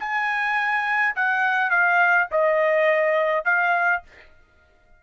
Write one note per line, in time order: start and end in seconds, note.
0.00 1.15 G#5
1.16 1.70 F#5
1.70 2.28 F5
2.31 3.45 D#5
3.45 4.03 F5